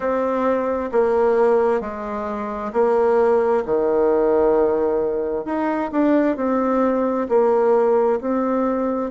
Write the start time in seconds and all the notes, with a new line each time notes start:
0.00 C4
0.92 A#3
1.81 G#3
2.72 A#3
3.65 D#3
5.45 D#4
5.91 D4
6.36 C4
7.28 A#3
8.20 C4